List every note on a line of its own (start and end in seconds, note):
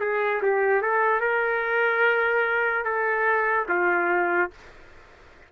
0.00 0.41 G#4
0.42 0.81 G4
0.81 1.20 A4
1.20 2.85 A#4
2.85 3.67 A4
3.68 4.51 F4